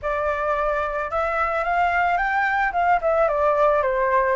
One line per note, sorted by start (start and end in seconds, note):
0.01 1.10 D5
1.10 1.64 E5
1.64 2.17 F5
2.17 2.71 G5
2.72 3.00 F5
3.01 3.28 E5
3.28 3.82 D5
3.82 4.36 C5